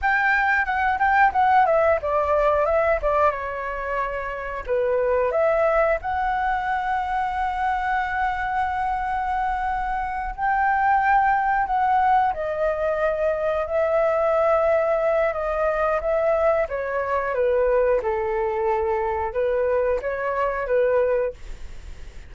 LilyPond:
\new Staff \with { instrumentName = "flute" } { \time 4/4 \tempo 4 = 90 g''4 fis''8 g''8 fis''8 e''8 d''4 | e''8 d''8 cis''2 b'4 | e''4 fis''2.~ | fis''2.~ fis''8 g''8~ |
g''4. fis''4 dis''4.~ | dis''8 e''2~ e''8 dis''4 | e''4 cis''4 b'4 a'4~ | a'4 b'4 cis''4 b'4 | }